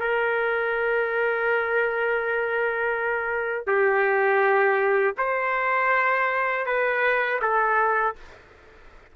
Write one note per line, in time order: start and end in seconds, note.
0.00 3.66 A#4
3.66 5.14 G4
5.18 6.66 C5
6.66 7.40 B4
7.41 8.15 A4